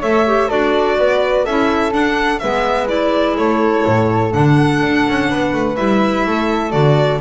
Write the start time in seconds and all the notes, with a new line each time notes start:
0.00 A3 A4 C#5 E5
0.27 G4
0.48 D4 F#4 A4 D5
0.98 B3 B4
1.44 C#4 E4 A4 E5
1.91 D4 F#5
2.39 G#3 B3 B4 E5
2.87 E4 D5
3.37 A3 A4 C#5
3.86 A2
4.32 D3 D4 F#5
4.82 D4
5.08 C#4
5.29 B3 B4
5.53 A3
5.76 G3 E4 E5
6.26 A3 A4
6.70 D3 F#4 D5